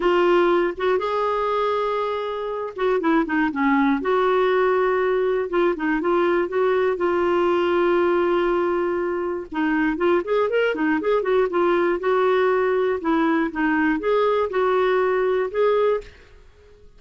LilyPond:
\new Staff \with { instrumentName = "clarinet" } { \time 4/4 \tempo 4 = 120 f'4. fis'8 gis'2~ | gis'4. fis'8 e'8 dis'8 cis'4 | fis'2. f'8 dis'8 | f'4 fis'4 f'2~ |
f'2. dis'4 | f'8 gis'8 ais'8 dis'8 gis'8 fis'8 f'4 | fis'2 e'4 dis'4 | gis'4 fis'2 gis'4 | }